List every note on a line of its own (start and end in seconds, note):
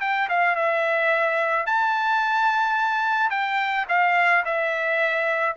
0.00 0.28 G5
0.29 0.55 F5
0.55 1.66 E5
1.66 3.30 A5
3.30 3.85 G5
3.88 4.44 F5
4.44 5.56 E5